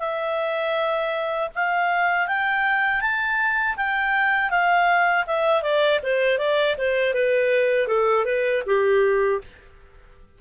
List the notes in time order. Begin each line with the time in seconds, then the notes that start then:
0.00 E5
1.56 F5
2.28 G5
3.01 A5
3.77 G5
4.50 F5
5.27 E5
5.63 D5
6.04 C5
6.39 D5
6.78 C5
7.15 B4
7.88 A4
8.26 B4
8.67 G4